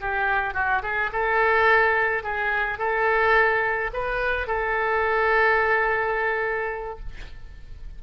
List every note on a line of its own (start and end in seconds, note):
0.00 0.54 G4
0.54 0.82 F#4
0.82 1.10 G#4
1.12 2.23 A4
2.23 2.79 G#4
2.79 3.91 A4
3.93 4.47 B4
4.47 6.99 A4